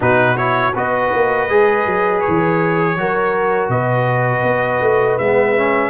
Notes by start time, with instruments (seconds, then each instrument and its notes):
0.00 tuba B2, trombone D#4, horn F#4, trumpet B4
0.36 trombone E4, trumpet C#5
0.73 tuba B3, trombone F#4, horn B4, trumpet D#5
1.13 tuba A#3
1.49 tuba G#3, trombone G#4
1.86 tuba F#3
2.20 trumpet C#5
2.27 tuba E3
2.96 tuba F#3, trombone F#4, horn A#4
3.68 tuba B2, horn B4, trumpet D#5
4.42 tuba B3
4.81 tuba A3
5.18 tuba G#3, trombone B3, trumpet E5
5.56 trombone C#4